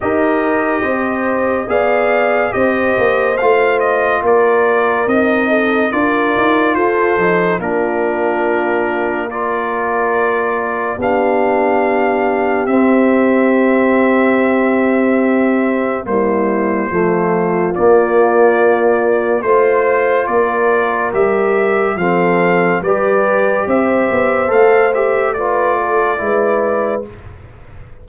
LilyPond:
<<
  \new Staff \with { instrumentName = "trumpet" } { \time 4/4 \tempo 4 = 71 dis''2 f''4 dis''4 | f''8 dis''8 d''4 dis''4 d''4 | c''4 ais'2 d''4~ | d''4 f''2 e''4~ |
e''2. c''4~ | c''4 d''2 c''4 | d''4 e''4 f''4 d''4 | e''4 f''8 e''8 d''2 | }
  \new Staff \with { instrumentName = "horn" } { \time 4/4 ais'4 c''4 d''4 c''4~ | c''4 ais'4. a'8 ais'4 | a'4 f'2 ais'4~ | ais'4 g'2.~ |
g'2. e'4 | f'2. c''4 | ais'2 a'4 b'4 | c''2 b'8 a'8 b'4 | }
  \new Staff \with { instrumentName = "trombone" } { \time 4/4 g'2 gis'4 g'4 | f'2 dis'4 f'4~ | f'8 dis'8 d'2 f'4~ | f'4 d'2 c'4~ |
c'2. g4 | a4 ais2 f'4~ | f'4 g'4 c'4 g'4~ | g'4 a'8 g'8 f'4 e'4 | }
  \new Staff \with { instrumentName = "tuba" } { \time 4/4 dis'4 c'4 b4 c'8 ais8 | a4 ais4 c'4 d'8 dis'8 | f'8 f8 ais2.~ | ais4 b2 c'4~ |
c'2. ais4 | f4 ais2 a4 | ais4 g4 f4 g4 | c'8 b8 a2 gis4 | }
>>